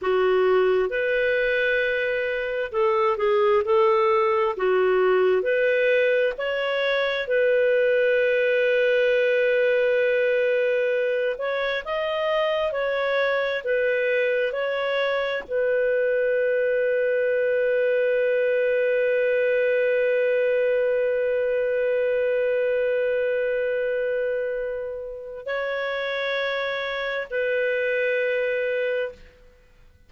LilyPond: \new Staff \with { instrumentName = "clarinet" } { \time 4/4 \tempo 4 = 66 fis'4 b'2 a'8 gis'8 | a'4 fis'4 b'4 cis''4 | b'1~ | b'8 cis''8 dis''4 cis''4 b'4 |
cis''4 b'2.~ | b'1~ | b'1 | cis''2 b'2 | }